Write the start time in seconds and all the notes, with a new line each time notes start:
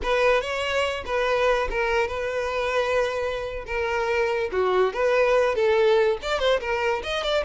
0.02 B4
0.41 C#5
1.05 B4
1.70 A#4
2.07 B4
3.66 A#4
4.52 F#4
4.93 B4
5.55 A4
6.22 D5
6.39 C5
6.60 A#4
7.03 D#5
7.23 D5